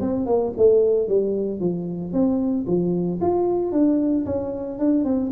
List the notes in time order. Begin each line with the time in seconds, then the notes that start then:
0.00 C4
0.26 A#3
0.57 A3
1.08 G3
1.60 F3
2.12 C4
2.66 F3
3.21 F4
3.72 D4
4.26 C#4
4.79 D4
5.04 C4